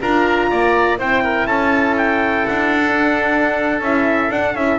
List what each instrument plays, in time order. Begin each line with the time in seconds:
0.00 double bass D4, horn F4, oboe A#4, trumpet A#5
0.50 double bass A#3, oboe D5
0.97 double bass C4, horn E4, oboe C5, trumpet G5
1.23 oboe A#4
1.46 double bass C#4, oboe A4, trumpet A5
1.97 trumpet G5
2.46 double bass D4, trumpet F#5
2.85 horn D4
3.80 double bass C#4, horn E4, trumpet E5
4.30 double bass D4, horn D4, trumpet F#5
4.55 double bass C#4, horn E4, trumpet E5